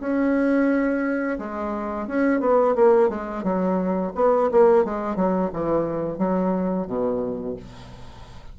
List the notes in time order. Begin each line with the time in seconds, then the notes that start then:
0.00 C#4
1.38 G#3
2.07 C#4
2.40 B3
2.75 A#3
3.09 G#3
3.43 F#3
4.15 B3
4.51 A#3
4.84 G#3
5.15 F#3
5.53 E3
6.18 F#3
6.87 B2